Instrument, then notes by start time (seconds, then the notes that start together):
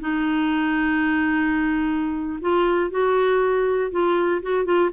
clarinet
0.00 D#4
2.41 F4
2.90 F#4
3.91 F4
4.42 F#4
4.65 F4